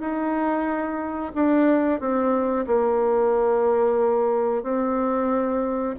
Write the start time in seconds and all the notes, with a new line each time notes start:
0.00 D#4
1.34 D4
2.00 C4
2.66 A#3
4.63 C4